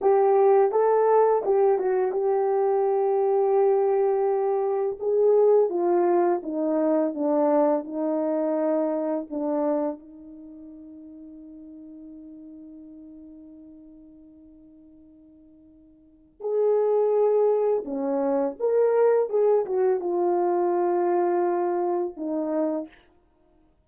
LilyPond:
\new Staff \with { instrumentName = "horn" } { \time 4/4 \tempo 4 = 84 g'4 a'4 g'8 fis'8 g'4~ | g'2. gis'4 | f'4 dis'4 d'4 dis'4~ | dis'4 d'4 dis'2~ |
dis'1~ | dis'2. gis'4~ | gis'4 cis'4 ais'4 gis'8 fis'8 | f'2. dis'4 | }